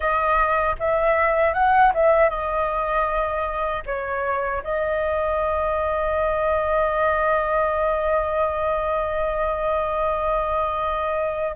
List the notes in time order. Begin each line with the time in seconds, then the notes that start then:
0.00 D#5
0.79 E5
1.53 F#5
1.94 E5
2.29 D#5
3.85 C#5
4.63 D#5